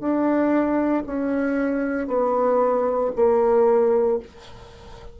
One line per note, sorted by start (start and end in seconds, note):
0.00 1.03 D4
1.06 2.07 C#4
2.07 3.11 B3
3.16 4.19 A#3